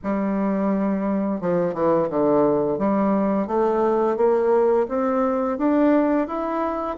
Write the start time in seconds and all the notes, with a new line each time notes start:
0.03 G3
1.40 F3
1.73 E3
2.09 D3
2.78 G3
3.47 A3
4.17 A#3
4.88 C4
5.58 D4
6.27 E4